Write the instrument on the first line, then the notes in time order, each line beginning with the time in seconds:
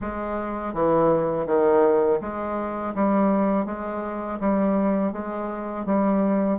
bassoon
0.01 G#3
0.73 E3
1.46 D#3
2.21 G#3
2.94 G3
3.65 G#3
4.40 G3
5.12 G#3
5.85 G3